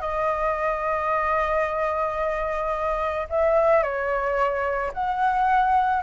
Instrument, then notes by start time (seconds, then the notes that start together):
flute
0.00 D#5
3.29 E5
3.82 C#5
4.93 F#5